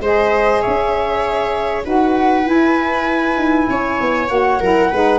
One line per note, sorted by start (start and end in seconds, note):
0.00 0.61 G#3
0.00 1.84 G#4
0.00 0.61 C5
0.00 0.61 D#5
0.61 1.86 C#4
0.61 1.84 C#5
0.61 1.83 E5
1.84 2.46 D#4
1.84 2.43 F#4
1.84 3.69 B4
1.84 2.48 F#5
2.43 4.27 E4
2.43 3.36 E4
2.43 4.29 G#5
3.36 3.67 D#4
3.69 4.00 C#4
3.69 4.60 C#5
4.00 4.30 B3
4.28 4.60 A#3
4.28 4.59 F#4
4.28 5.19 F#5
4.60 4.91 F#3
4.60 4.92 E4
4.60 4.90 A#4
4.90 5.19 G#3
4.90 5.19 D#4
4.90 5.19 B4